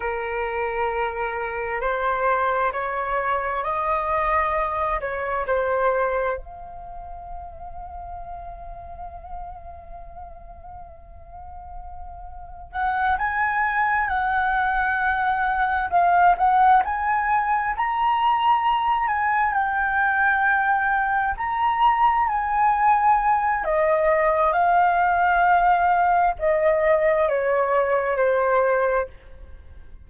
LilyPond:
\new Staff \with { instrumentName = "flute" } { \time 4/4 \tempo 4 = 66 ais'2 c''4 cis''4 | dis''4. cis''8 c''4 f''4~ | f''1~ | f''2 fis''8 gis''4 fis''8~ |
fis''4. f''8 fis''8 gis''4 ais''8~ | ais''4 gis''8 g''2 ais''8~ | ais''8 gis''4. dis''4 f''4~ | f''4 dis''4 cis''4 c''4 | }